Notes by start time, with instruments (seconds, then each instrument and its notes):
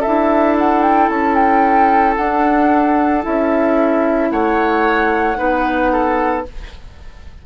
0.00 clarinet E4, oboe A4, flute E5
0.07 bassoon D4
0.58 flute F#5
0.82 flute G5
1.09 bassoon C#4, flute A5
1.35 flute G5
2.16 bassoon D4, clarinet D4, flute F#5
3.22 bassoon C#4, clarinet E4, flute E5
4.31 bassoon A3, oboe C#5, flute F#5
5.36 bassoon B3, clarinet D#4, oboe B4
5.92 oboe A4